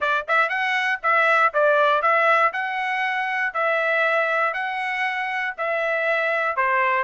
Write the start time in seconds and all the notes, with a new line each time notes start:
0.00 D5
0.28 E5
0.49 F#5
1.02 E5
1.53 D5
2.02 E5
2.52 F#5
3.53 E5
4.53 F#5
5.57 E5
6.56 C5